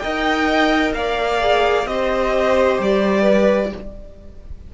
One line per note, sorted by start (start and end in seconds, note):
0.00 0.94 D#4
0.00 1.41 A#4
0.00 0.94 D#5
0.00 0.92 G5
0.94 1.86 A#3
0.94 1.89 D5
0.94 1.87 F5
1.41 1.87 G#4
1.86 2.78 C4
1.86 3.72 G4
1.86 3.22 C5
1.86 2.79 D#5
2.80 3.72 G3
2.80 3.74 D5
3.22 3.68 B4